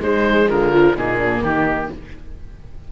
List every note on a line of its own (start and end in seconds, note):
0.00 0.47 G#3
0.00 0.73 G#3
0.00 0.48 D#4
0.00 0.50 C5
0.48 0.97 D3
0.48 0.95 F4
0.48 0.97 A#4
0.73 0.96 F3
0.95 1.42 A#2
0.95 1.92 A#3
0.95 1.19 D#4
0.95 1.44 G#4
1.19 1.42 D4
1.42 1.89 D#3
1.42 1.90 D#4
1.42 1.91 G4